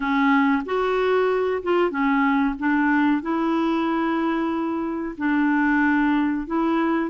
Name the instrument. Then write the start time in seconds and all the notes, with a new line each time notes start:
clarinet
0.00 C#4
0.65 F#4
1.62 F4
1.90 C#4
2.58 D4
3.22 E4
5.17 D4
6.46 E4